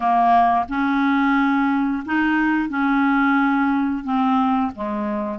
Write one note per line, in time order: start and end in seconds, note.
0.00 0.65 A#3
0.68 2.03 C#4
2.05 2.69 D#4
2.69 4.04 C#4
4.04 4.71 C4
4.75 5.38 G#3